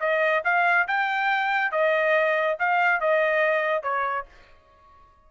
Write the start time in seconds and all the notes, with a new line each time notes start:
0.00 D#5
0.45 F5
0.88 G5
1.72 D#5
2.59 F5
3.00 D#5
3.83 C#5